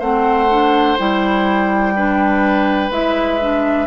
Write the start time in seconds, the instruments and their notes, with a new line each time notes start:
0.00 bassoon A3, clarinet C4, oboe C5, flute F#5
0.50 clarinet D4
0.98 bassoon G3, clarinet E4, flute G5
1.96 clarinet D4, oboe B4
2.91 bassoon G#3, clarinet E4, flute E5
3.41 clarinet D4